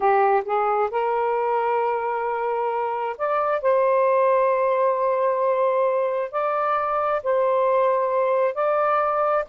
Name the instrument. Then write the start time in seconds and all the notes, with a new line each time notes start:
saxophone
0.00 G4
0.44 G#4
0.90 A#4
3.17 D5
3.61 C5
6.31 D5
7.23 C5
8.54 D5